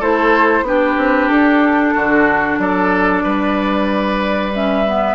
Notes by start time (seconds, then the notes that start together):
0.00 A3 E4 A4 C5
0.62 B3 D4 G4 B4
0.98 C4
1.29 D4 A4
1.95 D3 F#4
2.59 F#3 A4 D5
3.24 G3 B4
4.53 C#4 E5
4.86 B3